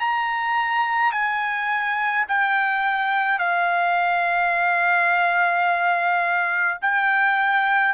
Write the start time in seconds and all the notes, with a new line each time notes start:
0.00 A#5
1.12 G#5
2.28 G5
3.39 F5
6.82 G5